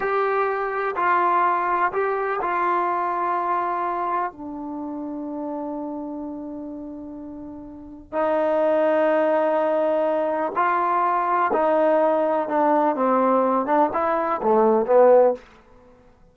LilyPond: \new Staff \with { instrumentName = "trombone" } { \time 4/4 \tempo 4 = 125 g'2 f'2 | g'4 f'2.~ | f'4 d'2.~ | d'1~ |
d'4 dis'2.~ | dis'2 f'2 | dis'2 d'4 c'4~ | c'8 d'8 e'4 a4 b4 | }